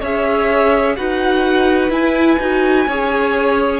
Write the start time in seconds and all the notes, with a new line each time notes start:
0.00 C#4 G#4 C#5 E5
0.96 D#4 F#4 B4 F#5
1.90 E4 G#5
2.38 D#4 F#4
2.87 C#4 G#4 C#5